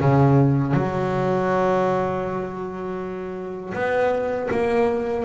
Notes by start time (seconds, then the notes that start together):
0.00 C#3
0.73 F#3
3.74 B3
4.51 A#3